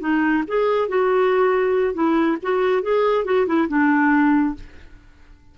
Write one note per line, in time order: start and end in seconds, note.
0.00 0.43 D#4
0.48 0.88 G#4
0.88 1.94 F#4
1.94 2.37 E4
2.42 2.82 F#4
2.82 3.25 G#4
3.25 3.46 F#4
3.46 3.68 E4
3.68 4.55 D4